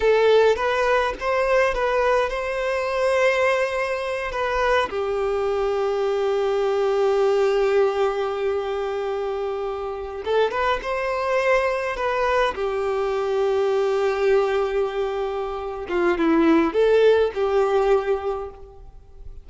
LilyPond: \new Staff \with { instrumentName = "violin" } { \time 4/4 \tempo 4 = 104 a'4 b'4 c''4 b'4 | c''2.~ c''8 b'8~ | b'8 g'2.~ g'8~ | g'1~ |
g'4.~ g'16 a'8 b'8 c''4~ c''16~ | c''8. b'4 g'2~ g'16~ | g'2.~ g'8 f'8 | e'4 a'4 g'2 | }